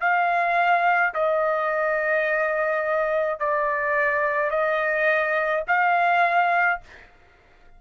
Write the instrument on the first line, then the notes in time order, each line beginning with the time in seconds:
trumpet
0.00 F5
1.14 D#5
3.39 D5
4.50 D#5
5.68 F5